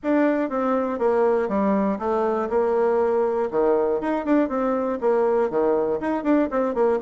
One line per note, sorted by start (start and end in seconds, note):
0.02 0.49 D4
0.49 0.98 C4
0.98 1.48 A#3
1.48 1.98 G3
1.99 2.49 A3
2.49 3.49 A#3
3.50 4.00 D#3
4.00 4.25 D#4
4.25 4.48 D4
4.48 4.98 C4
5.00 5.50 A#3
5.50 6.00 D#3
6.00 6.23 D#4
6.23 6.48 D4
6.50 6.74 C4
6.74 6.99 A#3